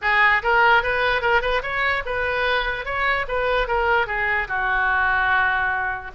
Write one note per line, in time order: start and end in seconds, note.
0.01 0.42 G#4
0.42 0.82 A#4
0.82 1.21 B4
1.21 1.41 A#4
1.41 1.62 B4
1.62 2.03 C#5
2.05 2.85 B4
2.85 3.26 C#5
3.28 3.67 B4
3.67 4.06 A#4
4.06 4.47 G#4
4.48 6.11 F#4